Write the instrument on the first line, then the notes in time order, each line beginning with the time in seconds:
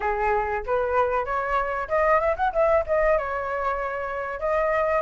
flute
0.00 G#4
0.65 B4
1.25 C#5
1.88 D#5
2.19 E5
2.36 F#5
2.53 E5
2.86 D#5
3.18 C#5
4.39 D#5